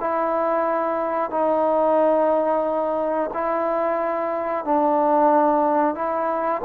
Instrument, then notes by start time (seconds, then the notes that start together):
trombone
0.00 E4
1.31 D#4
3.34 E4
4.65 D4
5.95 E4